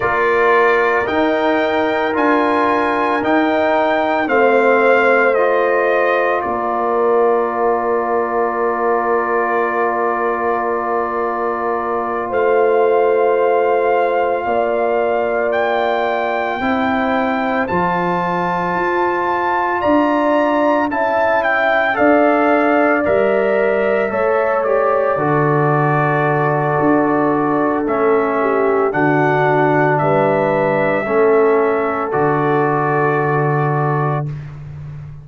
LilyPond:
<<
  \new Staff \with { instrumentName = "trumpet" } { \time 4/4 \tempo 4 = 56 d''4 g''4 gis''4 g''4 | f''4 dis''4 d''2~ | d''2.~ d''8 f''8~ | f''2~ f''8 g''4.~ |
g''8 a''2 ais''4 a''8 | g''8 f''4 e''4. d''4~ | d''2 e''4 fis''4 | e''2 d''2 | }
  \new Staff \with { instrumentName = "horn" } { \time 4/4 ais'1 | c''2 ais'2~ | ais'2.~ ais'8 c''8~ | c''4. d''2 c''8~ |
c''2~ c''8 d''4 e''8~ | e''8 d''2 cis''4 a'8~ | a'2~ a'8 g'8 fis'4 | b'4 a'2. | }
  \new Staff \with { instrumentName = "trombone" } { \time 4/4 f'4 dis'4 f'4 dis'4 | c'4 f'2.~ | f'1~ | f'2.~ f'8 e'8~ |
e'8 f'2. e'8~ | e'8 a'4 ais'4 a'8 g'8 fis'8~ | fis'2 cis'4 d'4~ | d'4 cis'4 fis'2 | }
  \new Staff \with { instrumentName = "tuba" } { \time 4/4 ais4 dis'4 d'4 dis'4 | a2 ais2~ | ais2.~ ais8 a8~ | a4. ais2 c'8~ |
c'8 f4 f'4 d'4 cis'8~ | cis'8 d'4 g4 a4 d8~ | d4 d'4 a4 d4 | g4 a4 d2 | }
>>